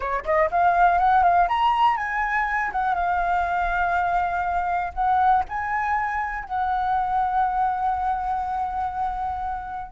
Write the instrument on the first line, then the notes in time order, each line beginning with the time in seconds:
flute
0.00 C#5
0.24 D#5
0.50 F5
0.98 F#5
1.23 F5
1.48 A#5
1.97 G#5
2.71 F#5
2.94 F5
4.93 F#5
5.48 G#5
6.44 F#5